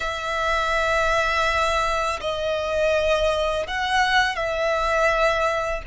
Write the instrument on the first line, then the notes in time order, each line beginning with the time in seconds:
violin
0.00 E5
2.20 D#5
3.67 F#5
4.35 E5